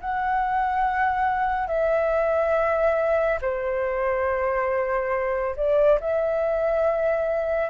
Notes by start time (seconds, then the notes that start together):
0.00 F#5
1.67 E5
3.41 C5
5.56 D5
6.00 E5